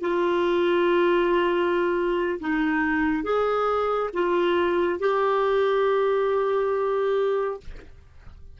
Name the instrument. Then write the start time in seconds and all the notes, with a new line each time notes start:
clarinet
0.00 F4
2.40 D#4
3.23 G#4
4.13 F4
4.99 G4